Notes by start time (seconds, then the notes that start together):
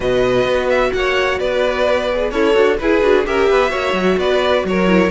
0.00 B2 F#4 B4 D#5
0.44 B3
0.69 E5
0.93 A#3 C#5 F#5
1.39 B3 B4 D5
2.12 G#4
2.30 C#4 E4 A4 C#5
2.54 D4 F#4
2.78 E4 G#4 B4
3.01 D4 F#4
3.25 C#4 G4 A#4 E5
3.49 B3 B4
3.69 A#3 F#4 C#5
3.92 F#3
4.17 B3 B4 D5
4.64 F#3 A#4 C#5
4.87 E4